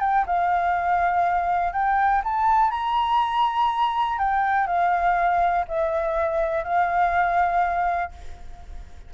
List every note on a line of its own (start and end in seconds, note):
0.00 0.25 G5
0.26 1.73 F5
1.73 2.22 G5
2.24 2.71 A5
2.71 4.18 A#5
4.18 4.66 G5
4.66 5.65 F5
5.68 6.64 E5
6.64 8.11 F5